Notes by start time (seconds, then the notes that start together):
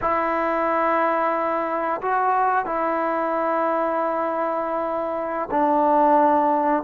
0.01 E4
2.01 F#4
2.65 E4
5.50 D4